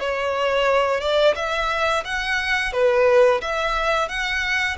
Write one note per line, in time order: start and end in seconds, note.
0.00 1.01 C#5
1.01 1.35 D5
1.35 2.04 E5
2.05 2.73 F#5
2.73 3.41 B4
3.42 4.09 E5
4.09 4.77 F#5